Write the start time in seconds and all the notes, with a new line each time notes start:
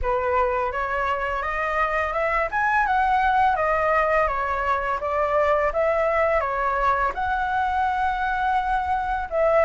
0.02 B4
0.71 C#5
1.42 D#5
2.13 E5
2.51 G#5
2.86 F#5
3.56 D#5
4.27 C#5
5.00 D5
5.72 E5
6.40 C#5
7.14 F#5
9.30 E5